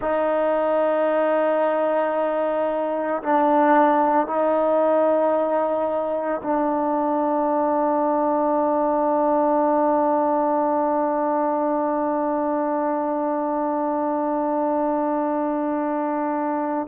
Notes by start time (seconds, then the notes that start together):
0.00 D#4
3.22 D4
4.27 D#4
6.43 D4